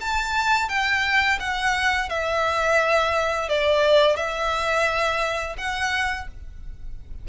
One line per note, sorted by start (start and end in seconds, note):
0.00 0.68 A5
0.68 1.38 G5
1.39 2.09 F#5
2.09 3.49 E5
3.49 4.16 D5
4.16 5.56 E5
5.58 6.27 F#5